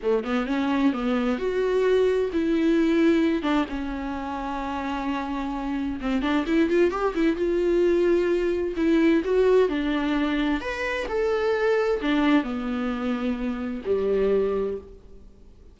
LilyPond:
\new Staff \with { instrumentName = "viola" } { \time 4/4 \tempo 4 = 130 a8 b8 cis'4 b4 fis'4~ | fis'4 e'2~ e'8 d'8 | cis'1~ | cis'4 c'8 d'8 e'8 f'8 g'8 e'8 |
f'2. e'4 | fis'4 d'2 b'4 | a'2 d'4 b4~ | b2 g2 | }